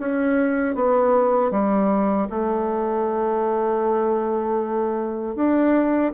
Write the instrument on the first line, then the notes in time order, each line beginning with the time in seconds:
bassoon
0.00 C#4
0.76 B3
1.51 G3
2.30 A3
5.36 D4